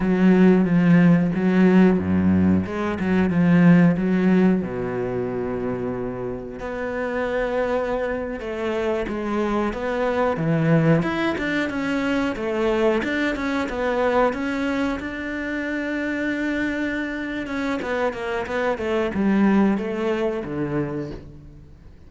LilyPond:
\new Staff \with { instrumentName = "cello" } { \time 4/4 \tempo 4 = 91 fis4 f4 fis4 fis,4 | gis8 fis8 f4 fis4 b,4~ | b,2 b2~ | b8. a4 gis4 b4 e16~ |
e8. e'8 d'8 cis'4 a4 d'16~ | d'16 cis'8 b4 cis'4 d'4~ d'16~ | d'2~ d'8 cis'8 b8 ais8 | b8 a8 g4 a4 d4 | }